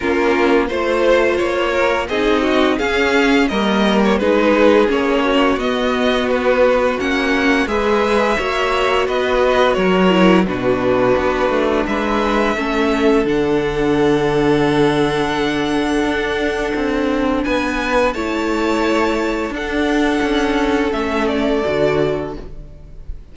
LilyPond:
<<
  \new Staff \with { instrumentName = "violin" } { \time 4/4 \tempo 4 = 86 ais'4 c''4 cis''4 dis''4 | f''4 dis''8. cis''16 b'4 cis''4 | dis''4 b'4 fis''4 e''4~ | e''4 dis''4 cis''4 b'4~ |
b'4 e''2 fis''4~ | fis''1~ | fis''4 gis''4 a''2 | fis''2 e''8 d''4. | }
  \new Staff \with { instrumentName = "violin" } { \time 4/4 f'4 c''4. ais'8 gis'8 fis'8 | gis'4 ais'4 gis'4. fis'8~ | fis'2. b'4 | cis''4 b'4 ais'4 fis'4~ |
fis'4 b'4 a'2~ | a'1~ | a'4 b'4 cis''2 | a'1 | }
  \new Staff \with { instrumentName = "viola" } { \time 4/4 cis'4 f'2 dis'4 | cis'4 ais4 dis'4 cis'4 | b2 cis'4 gis'4 | fis'2~ fis'8 e'8 d'4~ |
d'2 cis'4 d'4~ | d'1~ | d'2 e'2 | d'2 cis'4 fis'4 | }
  \new Staff \with { instrumentName = "cello" } { \time 4/4 ais4 a4 ais4 c'4 | cis'4 g4 gis4 ais4 | b2 ais4 gis4 | ais4 b4 fis4 b,4 |
b8 a8 gis4 a4 d4~ | d2. d'4 | c'4 b4 a2 | d'4 cis'4 a4 d4 | }
>>